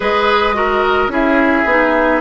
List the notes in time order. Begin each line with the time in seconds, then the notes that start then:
0.00 G#3 G#4 B4 D#5
0.53 F#4 A#4
1.07 C#4 E4 G#4 E5
1.65 B3 D#4